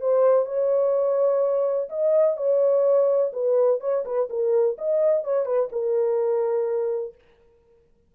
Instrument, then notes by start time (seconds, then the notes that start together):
horn
0.00 C5
0.45 C#5
1.89 D#5
2.37 C#5
3.32 B4
3.80 C#5
4.05 B4
4.29 A#4
4.77 D#5
5.24 C#5
5.45 B4
5.72 A#4